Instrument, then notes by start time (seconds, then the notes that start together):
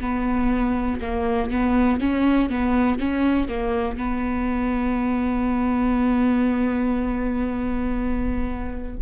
viola
0.00 B3
1.01 A#3
1.51 B3
2.00 C#4
2.50 B3
2.99 C#4
3.49 A#3
3.97 B3